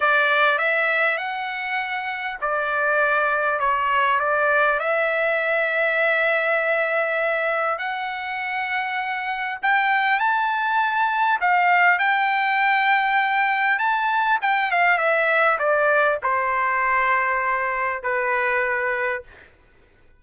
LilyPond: \new Staff \with { instrumentName = "trumpet" } { \time 4/4 \tempo 4 = 100 d''4 e''4 fis''2 | d''2 cis''4 d''4 | e''1~ | e''4 fis''2. |
g''4 a''2 f''4 | g''2. a''4 | g''8 f''8 e''4 d''4 c''4~ | c''2 b'2 | }